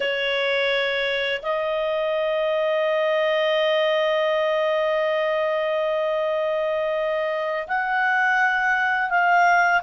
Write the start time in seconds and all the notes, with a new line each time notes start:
0.00 C#5
1.42 D#5
7.67 F#5
9.09 F5